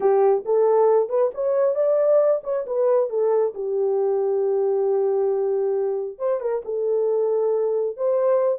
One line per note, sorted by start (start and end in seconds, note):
0.00 0.44 G4
0.45 1.09 A4
1.09 1.31 B4
1.34 1.75 C#5
1.75 2.41 D5
2.43 2.65 C#5
2.66 3.09 B4
3.09 3.53 A4
3.54 6.18 G4
6.18 6.40 C5
6.40 6.62 A#4
6.64 7.96 A4
7.96 8.58 C5